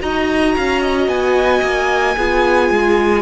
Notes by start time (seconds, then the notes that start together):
0.00 D#4 F#4 D#5 A#5
0.56 C#4 F5
0.81 D#5
1.08 B3 G#5
1.62 A#3
2.16 B3 F4 G#4
2.70 G#3